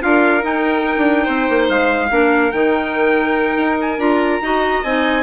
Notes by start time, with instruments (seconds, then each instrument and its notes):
0.00 bassoon D4, clarinet F4, violin A#4, trumpet F5
0.41 clarinet D#4, bassoon D#4, trumpet G5
0.96 bassoon D4
1.23 bassoon C4, violin C5
1.49 bassoon A#3
1.69 bassoon G#3, trumpet F5
2.09 bassoon A#3, clarinet D4, violin A#4
2.51 bassoon D#3, clarinet D#4, trumpet G5
3.56 bassoon D#4
3.80 trumpet G#5
3.98 bassoon D4, clarinet F4, trumpet A#5
4.41 bassoon D#4, clarinet F#4, violin D#5
4.83 bassoon C4, clarinet D#4, trumpet G#5